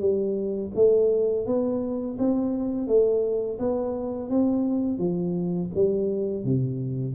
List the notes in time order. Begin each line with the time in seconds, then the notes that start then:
0.00 G3
0.75 A3
1.46 B3
2.19 C4
2.87 A3
3.59 B3
4.30 C4
4.98 F3
5.75 G3
6.44 C3